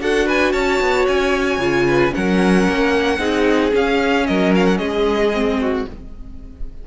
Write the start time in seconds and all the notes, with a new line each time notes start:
0.00 D4 F#4 A4 F#5
0.26 B4 G#5
0.52 C#4 C#5 A5
0.80 B3
1.07 C#4 G#5
1.58 C#3 F4
1.87 B4
2.11 F#3 C#4 A#4 F#5
2.68 A#3
3.18 C4 D#4 G#4
3.71 C#4 F5
4.26 F#3 A#4 D#5
4.55 F5
4.65 F#5
4.77 G#3 G#4 D#5
5.33 C4
5.60 F#4